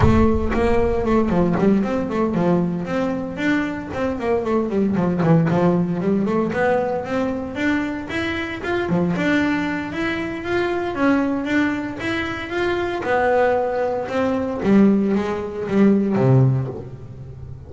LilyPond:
\new Staff \with { instrumentName = "double bass" } { \time 4/4 \tempo 4 = 115 a4 ais4 a8 f8 g8 c'8 | a8 f4 c'4 d'4 c'8 | ais8 a8 g8 f8 e8 f4 g8 | a8 b4 c'4 d'4 e'8~ |
e'8 f'8 f8 d'4. e'4 | f'4 cis'4 d'4 e'4 | f'4 b2 c'4 | g4 gis4 g4 c4 | }